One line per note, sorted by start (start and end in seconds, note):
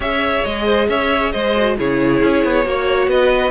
0.00 0.40 C#4
0.00 1.53 G#4
0.00 0.65 C#5
0.00 0.44 E5
0.44 0.89 G#3
0.44 0.88 D#5
0.65 0.87 C5
0.88 1.33 C#4
0.88 1.32 C#5
0.88 1.32 E5
1.32 1.78 G#3
1.32 1.76 C5
1.32 1.76 D#5
1.56 1.77 F#4
1.77 2.22 C#3
1.77 2.64 E4
1.77 2.66 G#4
1.77 3.10 C#5
2.22 2.44 C#4
2.44 2.65 B3
2.64 3.07 A#3
2.64 3.51 F#4
2.64 3.09 C#5
3.07 3.51 B3
3.07 3.51 B4
3.07 3.51 D#5